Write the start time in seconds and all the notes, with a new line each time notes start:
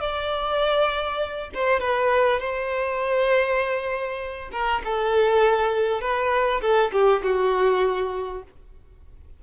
0.00 D5
1.54 C5
1.80 B4
2.40 C5
4.52 A#4
4.85 A4
6.01 B4
6.61 A4
6.92 G4
7.23 F#4